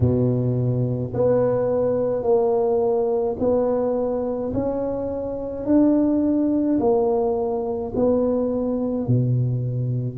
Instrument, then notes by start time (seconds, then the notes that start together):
tuba
0.00 B2
1.14 B3
2.22 A#3
3.39 B3
4.53 C#4
5.66 D4
6.79 A#3
7.95 B3
9.07 B2